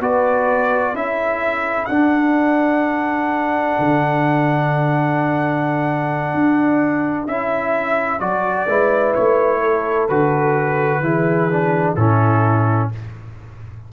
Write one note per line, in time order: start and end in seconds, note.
0.00 0.94 B3
0.00 0.95 F#4
0.00 0.94 B4
0.00 0.95 D5
0.94 1.88 C#4
0.94 1.88 E4
0.94 8.68 A4
0.94 1.85 E5
1.85 3.76 D4
1.85 7.28 D4
1.85 7.24 F#5
3.79 6.34 D3
6.34 7.27 D4
7.27 8.20 C#4
7.27 8.20 E4
7.27 8.20 E5
8.20 8.67 F#3
8.20 8.67 F#4
8.20 9.14 D5
8.68 9.15 G#3
8.68 10.09 E4
8.68 9.59 B4
9.14 10.09 A3
9.14 10.08 C#5
9.59 11.00 A4
10.08 11.01 D3
10.08 11.03 F#4
10.08 11.95 B4
11.01 11.95 E3
11.01 11.49 E4
11.01 11.97 G#4
11.50 11.97 D4
11.95 12.89 A2
11.95 12.92 C#4
11.95 12.90 E4
11.95 12.89 A4